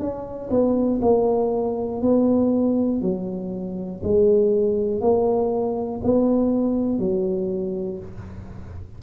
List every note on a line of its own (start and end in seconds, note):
0.00 0.50 C#4
0.51 1.01 B3
1.02 2.02 A#3
2.02 3.02 B3
3.02 4.02 F#3
4.04 5.01 G#3
5.01 6.01 A#3
6.04 6.99 B3
6.99 7.99 F#3